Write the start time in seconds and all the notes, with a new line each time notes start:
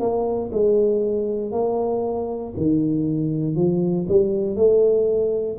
0.00 A#3
0.53 G#3
1.52 A#3
2.57 D#3
3.56 F3
4.08 G3
4.56 A3